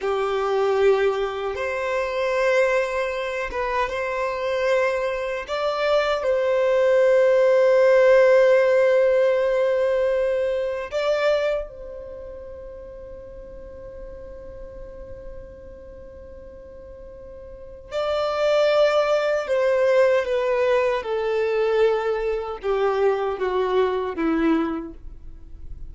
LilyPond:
\new Staff \with { instrumentName = "violin" } { \time 4/4 \tempo 4 = 77 g'2 c''2~ | c''8 b'8 c''2 d''4 | c''1~ | c''2 d''4 c''4~ |
c''1~ | c''2. d''4~ | d''4 c''4 b'4 a'4~ | a'4 g'4 fis'4 e'4 | }